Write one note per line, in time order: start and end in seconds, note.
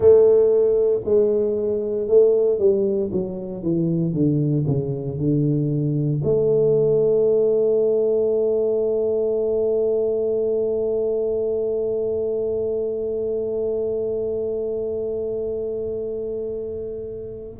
0.00 1.01 A3
1.04 2.07 G#3
2.08 2.59 A3
2.59 3.10 G3
3.12 3.63 F#3
3.63 4.13 E3
4.13 4.65 D3
4.67 5.18 C#3
5.18 6.21 D3
6.24 17.60 A3